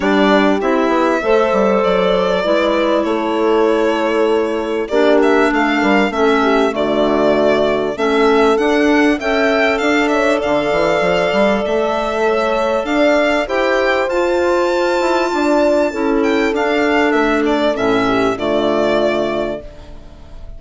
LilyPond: <<
  \new Staff \with { instrumentName = "violin" } { \time 4/4 \tempo 4 = 98 d''4 e''2 d''4~ | d''4 cis''2. | d''8 e''8 f''4 e''4 d''4~ | d''4 e''4 fis''4 g''4 |
f''8 e''8 f''2 e''4~ | e''4 f''4 g''4 a''4~ | a''2~ a''8 g''8 f''4 | e''8 d''8 e''4 d''2 | }
  \new Staff \with { instrumentName = "horn" } { \time 4/4 g'2 c''2 | b'4 a'2. | g'4 a'8 ais'8 a'8 g'8 fis'4~ | fis'4 a'2 e''4 |
d''8 cis''8 d''2. | cis''4 d''4 c''2~ | c''4 d''4 a'2~ | a'4. g'8 f'2 | }
  \new Staff \with { instrumentName = "clarinet" } { \time 4/4 d'4 e'4 a'2 | e'1 | d'2 cis'4 a4~ | a4 cis'4 d'4 a'4~ |
a'1~ | a'2 g'4 f'4~ | f'2 e'4 d'4~ | d'4 cis'4 a2 | }
  \new Staff \with { instrumentName = "bassoon" } { \time 4/4 g4 c'8 b8 a8 g8 fis4 | gis4 a2. | ais4 a8 g8 a4 d4~ | d4 a4 d'4 cis'4 |
d'4 d8 e8 f8 g8 a4~ | a4 d'4 e'4 f'4~ | f'8 e'8 d'4 cis'4 d'4 | a4 a,4 d2 | }
>>